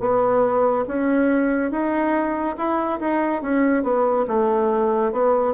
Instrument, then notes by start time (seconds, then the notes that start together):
bassoon
0.00 B3
0.88 C#4
1.71 D#4
2.57 E4
3.00 D#4
3.42 C#4
3.83 B3
4.28 A3
5.12 B3